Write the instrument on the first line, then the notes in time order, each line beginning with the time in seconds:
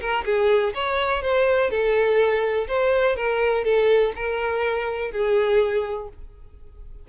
violin
0.00 A#4
0.25 G#4
0.74 C#5
1.22 C5
1.70 A4
2.67 C5
3.15 A#4
3.64 A4
4.15 A#4
5.11 G#4